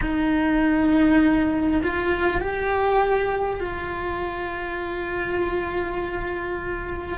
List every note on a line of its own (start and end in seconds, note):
0.01 1.81 D#4
1.83 2.40 F4
2.40 3.60 G4
3.60 7.18 F4